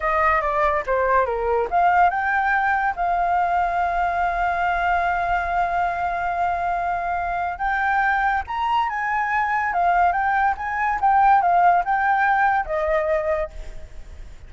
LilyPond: \new Staff \with { instrumentName = "flute" } { \time 4/4 \tempo 4 = 142 dis''4 d''4 c''4 ais'4 | f''4 g''2 f''4~ | f''1~ | f''1~ |
f''2 g''2 | ais''4 gis''2 f''4 | g''4 gis''4 g''4 f''4 | g''2 dis''2 | }